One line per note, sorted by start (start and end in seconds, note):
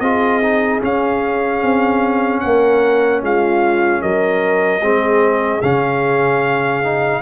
0.00 0.80 C4
0.00 0.42 F4
0.00 2.42 G#4
0.00 0.80 D#5
0.43 0.81 D#4
0.81 4.81 C#4
0.81 1.63 C#4
0.81 2.40 F5
1.63 2.43 C4
2.40 3.22 A#3
2.40 3.23 A#4
2.40 3.20 F#5
3.22 4.02 G#3
3.22 4.02 F4
3.22 4.02 F5
4.02 4.81 F#3
4.02 4.82 A#4
4.02 5.62 D#5
4.81 5.61 G#3
4.81 5.62 C4
4.81 7.22 G#4
5.62 7.22 C#3
5.62 6.84 C#4
5.62 7.22 F5
6.84 7.22 D#4